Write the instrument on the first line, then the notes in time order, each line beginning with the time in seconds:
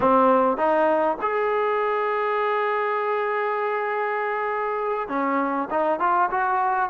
trombone
0.00 C4
0.57 D#4
1.21 G#4
5.08 C#4
5.70 D#4
5.99 F4
6.31 F#4